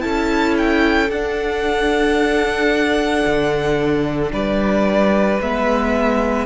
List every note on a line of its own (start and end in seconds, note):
0.00 1.10 C#4
0.00 1.07 E4
0.00 4.30 A4
0.00 0.54 A5
0.57 1.10 G5
1.10 3.24 D4
1.10 5.41 D4
1.10 4.32 F#5
3.25 4.32 D3
4.32 5.39 G3
4.32 6.46 B4
4.32 5.40 D5
5.40 6.46 G#3
5.40 6.46 B3
5.40 6.46 E5